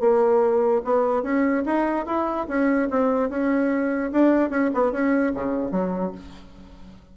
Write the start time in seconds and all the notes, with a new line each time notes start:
0.00 A#3
0.84 B3
1.23 C#4
1.65 D#4
2.06 E4
2.48 C#4
2.90 C4
3.29 C#4
4.12 D4
4.50 C#4
4.74 B3
4.92 C#4
5.35 C#3
5.71 F#3